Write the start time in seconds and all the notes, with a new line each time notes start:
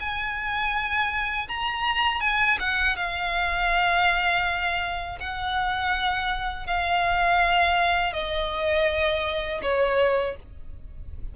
0.00 G#5
1.48 A#5
2.21 G#5
2.60 F#5
2.96 F5
5.21 F#5
6.67 F5
8.13 D#5
9.63 C#5